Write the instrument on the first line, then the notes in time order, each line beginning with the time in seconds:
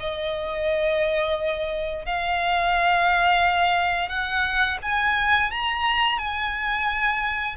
violin
0.00 D#5
2.06 F5
4.09 F#5
4.82 G#5
5.51 A#5
6.18 G#5